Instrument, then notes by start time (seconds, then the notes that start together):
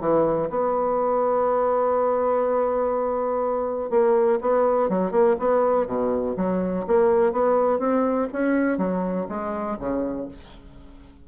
bassoon
0.00 E3
0.50 B3
3.90 A#3
4.41 B3
4.89 F#3
5.12 A#3
5.39 B3
5.86 B2
6.37 F#3
6.87 A#3
7.32 B3
7.79 C4
8.33 C#4
8.78 F#3
9.29 G#3
9.79 C#3